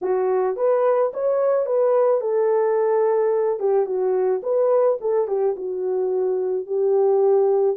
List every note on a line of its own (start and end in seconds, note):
0.01 0.56 F#4
0.56 1.12 B4
1.13 1.66 C#5
1.66 2.20 B4
2.20 3.59 A4
3.59 3.85 G4
3.85 4.41 F#4
4.42 4.98 B4
5.01 5.27 A4
5.27 5.55 G4
5.56 6.66 F#4
6.66 7.76 G4